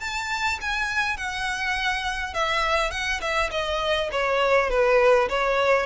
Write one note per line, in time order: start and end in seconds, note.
0.00 0.59 A5
0.61 1.17 G#5
1.17 2.33 F#5
2.33 2.91 E5
2.91 3.20 F#5
3.21 3.50 E5
3.51 4.09 D#5
4.11 4.69 C#5
4.69 5.28 B4
5.29 5.86 C#5